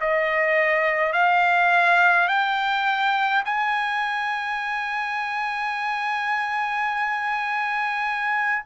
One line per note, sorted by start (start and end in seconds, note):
0.00 1.13 D#5
1.13 2.28 F5
2.28 3.43 G5
3.45 8.64 G#5